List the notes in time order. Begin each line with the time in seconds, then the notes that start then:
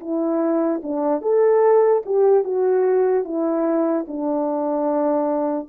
0.00 E4
0.83 D4
1.22 A4
2.06 G4
2.44 F#4
3.25 E4
4.08 D4